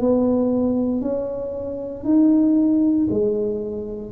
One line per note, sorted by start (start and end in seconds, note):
0.00 1.02 B3
1.02 2.05 C#4
2.05 3.08 D#4
3.10 4.12 G#3